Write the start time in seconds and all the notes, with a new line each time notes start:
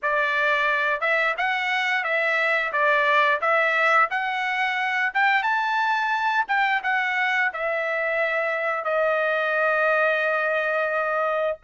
0.02 D5
1.00 E5
1.37 F#5
2.04 E5
2.72 D5
3.41 E5
4.10 F#5
5.14 G5
5.42 A5
6.48 G5
6.83 F#5
7.53 E5
8.84 D#5